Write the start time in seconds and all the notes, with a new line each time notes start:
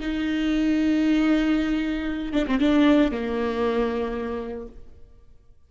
0.00 D#4
2.33 D4
2.47 C4
2.60 D4
3.12 A#3